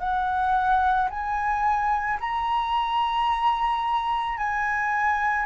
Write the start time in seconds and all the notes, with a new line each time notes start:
0.00 F#5
1.11 G#5
2.20 A#5
4.38 G#5